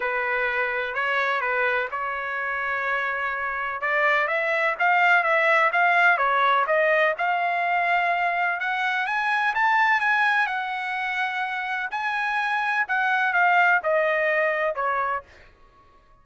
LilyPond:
\new Staff \with { instrumentName = "trumpet" } { \time 4/4 \tempo 4 = 126 b'2 cis''4 b'4 | cis''1 | d''4 e''4 f''4 e''4 | f''4 cis''4 dis''4 f''4~ |
f''2 fis''4 gis''4 | a''4 gis''4 fis''2~ | fis''4 gis''2 fis''4 | f''4 dis''2 cis''4 | }